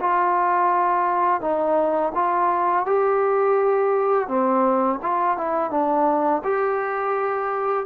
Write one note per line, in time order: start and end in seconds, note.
0.00 1.41 F4
1.41 2.12 D#4
2.15 2.86 F4
2.86 4.28 G4
4.28 4.99 C4
5.02 5.37 F4
5.37 5.70 E4
5.70 6.42 D4
6.44 7.86 G4